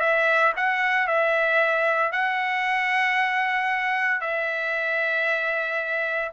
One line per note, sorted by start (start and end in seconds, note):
0.00 0.53 E5
0.56 1.07 F#5
1.07 2.12 E5
2.12 4.21 F#5
4.21 6.31 E5